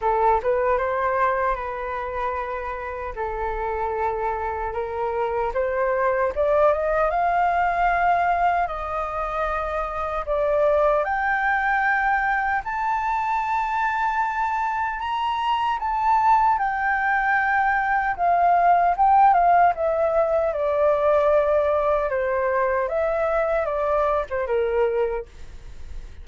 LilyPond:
\new Staff \with { instrumentName = "flute" } { \time 4/4 \tempo 4 = 76 a'8 b'8 c''4 b'2 | a'2 ais'4 c''4 | d''8 dis''8 f''2 dis''4~ | dis''4 d''4 g''2 |
a''2. ais''4 | a''4 g''2 f''4 | g''8 f''8 e''4 d''2 | c''4 e''4 d''8. c''16 ais'4 | }